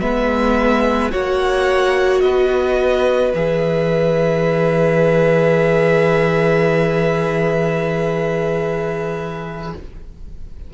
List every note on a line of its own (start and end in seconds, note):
0.00 1.12 G#3
0.00 1.11 B3
0.00 1.11 B4
0.00 1.11 E5
1.11 2.21 A#3
1.11 3.33 F#4
1.11 2.22 C#5
1.11 2.20 F#5
2.20 3.32 B3
2.20 9.73 B4
2.20 3.31 D#5
3.34 9.73 E3
3.34 9.73 G#4
3.34 9.73 E5